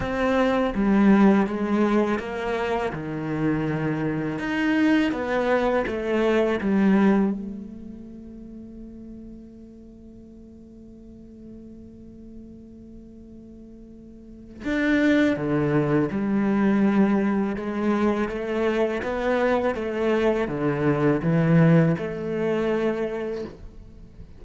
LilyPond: \new Staff \with { instrumentName = "cello" } { \time 4/4 \tempo 4 = 82 c'4 g4 gis4 ais4 | dis2 dis'4 b4 | a4 g4 a2~ | a1~ |
a1 | d'4 d4 g2 | gis4 a4 b4 a4 | d4 e4 a2 | }